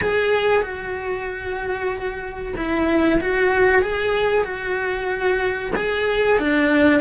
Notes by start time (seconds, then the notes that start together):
0.01 G#4
0.62 F#4
2.56 E4
3.21 F#4
3.82 G#4
4.44 F#4
5.75 G#4
6.38 D4